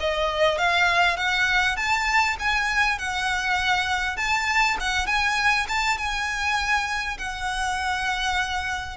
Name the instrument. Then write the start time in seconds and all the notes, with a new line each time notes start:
violin
0.00 D#5
0.58 F5
1.17 F#5
1.76 A5
2.39 G#5
2.98 F#5
4.17 A5
4.80 F#5
5.06 G#5
5.68 A5
5.97 G#5
7.18 F#5